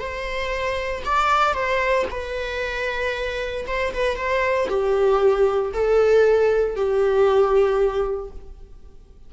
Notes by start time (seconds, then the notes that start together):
0.00 C5
1.06 D5
1.54 C5
2.11 B4
3.67 C5
3.94 B4
4.17 C5
4.69 G4
5.74 A4
6.76 G4